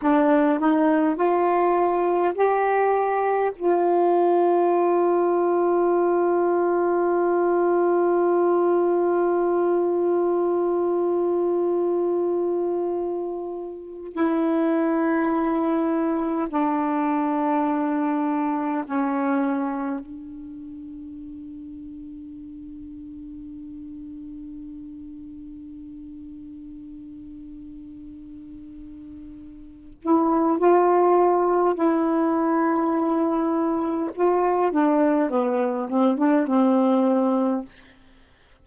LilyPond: \new Staff \with { instrumentName = "saxophone" } { \time 4/4 \tempo 4 = 51 d'8 dis'8 f'4 g'4 f'4~ | f'1~ | f'1 | e'2 d'2 |
cis'4 d'2.~ | d'1~ | d'4. e'8 f'4 e'4~ | e'4 f'8 d'8 b8 c'16 d'16 c'4 | }